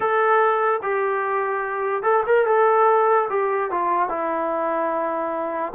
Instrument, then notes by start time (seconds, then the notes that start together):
trombone
0.00 A4
0.82 G4
2.02 A4
2.26 A#4
2.46 A4
3.29 G4
3.70 F4
4.08 E4